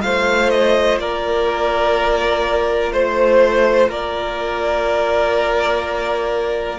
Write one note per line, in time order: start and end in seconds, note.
0.00 0.98 A3
0.00 6.77 F4
0.00 1.01 C5
0.00 0.50 F5
0.50 0.98 D#5
0.98 2.92 A#3
0.98 2.92 A#4
0.98 2.93 D5
2.92 3.88 A3
2.92 3.89 C5
2.92 3.90 C5
3.88 6.78 A#3
3.88 6.79 A#4
3.88 6.79 D5